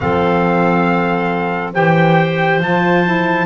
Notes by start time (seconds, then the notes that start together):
0.00 F3 C4 A4 F5
1.73 E3 G4 C5 G5
2.60 F3 F4 A5
3.04 E4